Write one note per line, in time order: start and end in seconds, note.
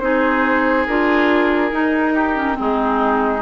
0.00 0.86 C4
0.00 0.87 D#4
0.00 2.14 G#4
0.00 0.86 C5
0.86 1.72 D4
0.86 1.72 F4
0.86 2.58 A#4
1.72 2.36 D#4
1.72 2.58 D#4
2.14 2.57 G4
2.36 2.54 C#4
2.54 3.39 C4
2.54 3.42 G#4
2.60 3.42 G#3
2.60 3.42 D#4